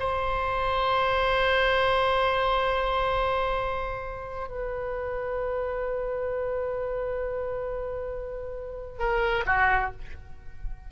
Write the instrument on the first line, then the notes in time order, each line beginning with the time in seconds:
oboe
0.00 C5
4.49 B4
8.99 A#4
9.47 F#4